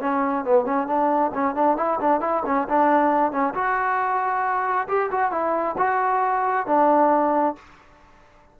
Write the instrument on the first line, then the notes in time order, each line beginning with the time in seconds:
trombone
0.00 C#4
0.44 B3
0.65 C#4
0.87 D4
1.34 C#4
1.55 D4
1.77 E4
2.00 D4
2.21 E4
2.46 C#4
2.69 D4
3.32 C#4
3.54 F#4
4.88 G4
5.11 F#4
5.31 E4
5.78 F#4
6.66 D4